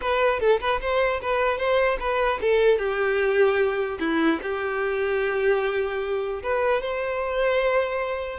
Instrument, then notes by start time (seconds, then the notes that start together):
violin
0.01 B4
0.40 A4
0.60 B4
0.80 C5
1.21 B4
1.58 C5
1.99 B4
2.41 A4
2.78 G4
3.99 E4
4.42 G4
6.42 B4
6.81 C5